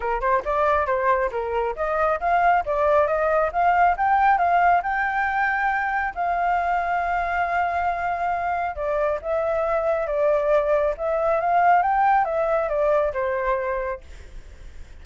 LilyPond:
\new Staff \with { instrumentName = "flute" } { \time 4/4 \tempo 4 = 137 ais'8 c''8 d''4 c''4 ais'4 | dis''4 f''4 d''4 dis''4 | f''4 g''4 f''4 g''4~ | g''2 f''2~ |
f''1 | d''4 e''2 d''4~ | d''4 e''4 f''4 g''4 | e''4 d''4 c''2 | }